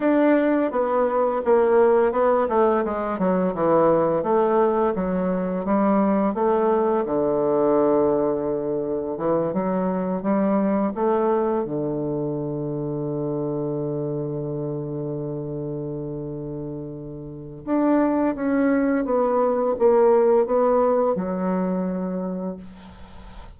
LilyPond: \new Staff \with { instrumentName = "bassoon" } { \time 4/4 \tempo 4 = 85 d'4 b4 ais4 b8 a8 | gis8 fis8 e4 a4 fis4 | g4 a4 d2~ | d4 e8 fis4 g4 a8~ |
a8 d2.~ d8~ | d1~ | d4 d'4 cis'4 b4 | ais4 b4 fis2 | }